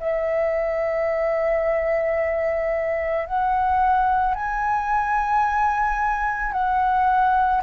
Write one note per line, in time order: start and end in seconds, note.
0.00 3.26 E5
3.26 4.35 F#5
4.35 6.53 G#5
6.53 7.62 F#5